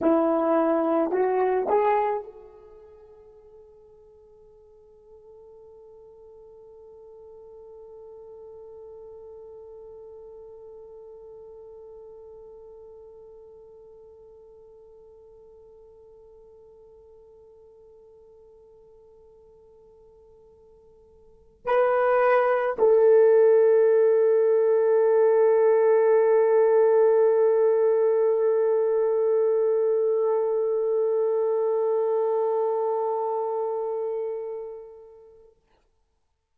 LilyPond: \new Staff \with { instrumentName = "horn" } { \time 4/4 \tempo 4 = 54 e'4 fis'8 gis'8 a'2~ | a'1~ | a'1~ | a'1~ |
a'2.~ a'8 b'8~ | b'8 a'2.~ a'8~ | a'1~ | a'1 | }